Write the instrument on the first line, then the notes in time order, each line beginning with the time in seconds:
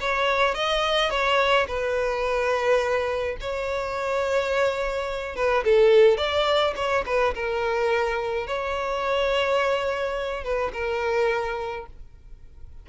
violin
0.00 C#5
0.54 D#5
1.10 C#5
1.67 B4
3.40 C#5
5.35 B4
5.64 A4
6.17 D5
6.75 C#5
7.05 B4
7.34 A#4
8.47 C#5
10.43 B4
10.73 A#4